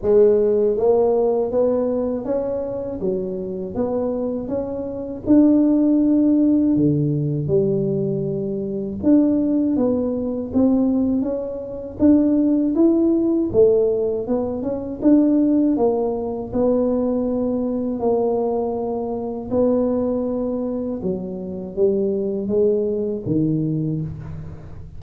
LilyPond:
\new Staff \with { instrumentName = "tuba" } { \time 4/4 \tempo 4 = 80 gis4 ais4 b4 cis'4 | fis4 b4 cis'4 d'4~ | d'4 d4 g2 | d'4 b4 c'4 cis'4 |
d'4 e'4 a4 b8 cis'8 | d'4 ais4 b2 | ais2 b2 | fis4 g4 gis4 dis4 | }